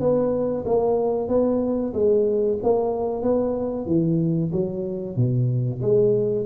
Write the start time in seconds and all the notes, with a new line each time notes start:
0.00 B3
0.66 A#3
1.29 B3
1.94 G#3
2.64 A#3
3.23 B3
3.87 E3
4.52 F#3
5.17 B2
5.82 G#3